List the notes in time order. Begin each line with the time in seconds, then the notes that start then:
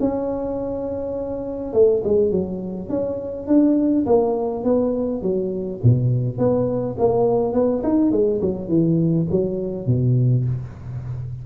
0.00 C#4
1.73 A3
2.04 G#3
2.31 F#3
2.89 C#4
3.47 D4
4.06 A#3
4.64 B3
5.22 F#3
5.83 B2
6.38 B3
6.98 A#3
7.53 B3
7.83 D#4
8.11 G#3
8.41 F#3
8.68 E3
9.31 F#3
9.87 B2